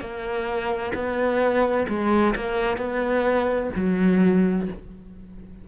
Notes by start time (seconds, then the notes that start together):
0.00 A#3
0.94 B3
1.88 G#3
2.35 A#3
2.77 B3
3.76 F#3